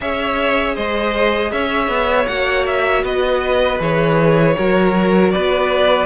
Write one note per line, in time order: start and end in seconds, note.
0.00 0.76 C#4
0.00 2.28 G#4
0.00 0.75 C#5
0.00 0.76 E5
0.75 1.52 G#3
0.75 1.51 C5
0.75 1.51 D#5
1.51 1.88 C#4
1.51 3.03 C#5
1.51 2.27 E5
1.88 2.26 B3
2.27 3.03 A#3
2.27 3.79 F#4
2.27 2.65 F#5
2.66 3.04 E5
3.03 3.79 B3
3.03 4.55 B4
3.03 3.81 D#5
3.79 4.55 E3
3.79 4.55 G#4
3.79 5.30 C#5
4.57 5.34 F#3
4.57 6.06 F#4
4.57 5.32 A#4
5.30 6.06 B3
5.30 6.06 B4
5.30 6.06 D5